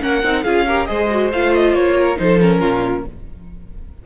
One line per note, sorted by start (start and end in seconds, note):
0.00 0.23 A#3
0.00 0.22 C#4
0.00 0.44 A#4
0.00 0.43 F#5
0.23 0.45 C4
0.23 0.45 D#4
0.43 0.88 C#4
0.43 0.67 F4
0.43 0.65 G#4
0.43 0.86 F5
0.66 0.87 G4
0.66 0.88 A#4
0.86 1.32 G#3
0.86 1.08 G#4
0.86 1.97 C5
0.86 1.29 D#5
1.10 1.32 F#4
1.32 1.74 A3
1.32 2.16 F4
1.32 1.54 F5
1.54 1.74 D#5
1.74 2.17 A#3
1.74 2.17 C#5
1.97 2.18 A#4
2.16 2.62 F3
2.16 2.38 D#4
2.16 2.40 C5
2.22 2.60 A4
2.40 3.06 C#4
2.40 3.05 A#4
2.60 3.05 A#2
2.60 3.04 F4